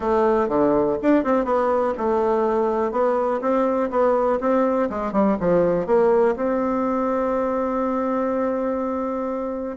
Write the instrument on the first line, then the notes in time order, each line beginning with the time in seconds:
bassoon
0.00 A3
0.48 D3
1.02 D4
1.24 C4
1.44 B3
1.97 A3
2.91 B3
3.41 C4
3.90 B3
4.40 C4
4.89 G#3
5.12 G3
5.40 F3
5.86 A#3
6.36 C4